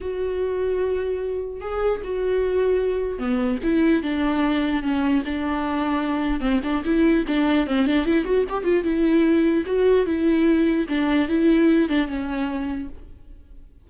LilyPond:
\new Staff \with { instrumentName = "viola" } { \time 4/4 \tempo 4 = 149 fis'1 | gis'4 fis'2. | b4 e'4 d'2 | cis'4 d'2. |
c'8 d'8 e'4 d'4 c'8 d'8 | e'8 fis'8 g'8 f'8 e'2 | fis'4 e'2 d'4 | e'4. d'8 cis'2 | }